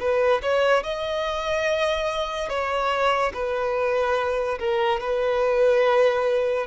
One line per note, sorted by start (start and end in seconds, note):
0.00 0.42 B4
0.42 0.83 C#5
0.83 2.49 D#5
2.49 3.32 C#5
3.34 4.59 B4
4.59 5.00 A#4
5.00 6.67 B4